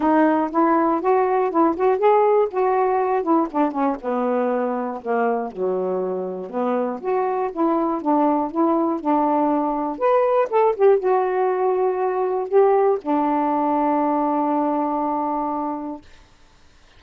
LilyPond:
\new Staff \with { instrumentName = "saxophone" } { \time 4/4 \tempo 4 = 120 dis'4 e'4 fis'4 e'8 fis'8 | gis'4 fis'4. e'8 d'8 cis'8 | b2 ais4 fis4~ | fis4 b4 fis'4 e'4 |
d'4 e'4 d'2 | b'4 a'8 g'8 fis'2~ | fis'4 g'4 d'2~ | d'1 | }